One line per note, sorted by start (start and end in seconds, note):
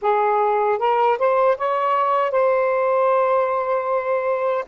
0.01 0.79 G#4
0.79 1.18 A#4
1.18 1.57 C5
1.57 2.31 C#5
2.31 4.64 C5